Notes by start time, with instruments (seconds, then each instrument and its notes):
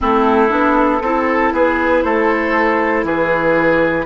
0.00 bassoon A3, clarinet C4, oboe E4, flute A4
0.49 bassoon B3, clarinet D4
1.01 bassoon C4, clarinet E4, oboe A4
1.52 bassoon B3, oboe G#4, flute B4
2.03 bassoon A3, oboe A4, flute C5
3.03 bassoon E3, oboe G#4, flute B4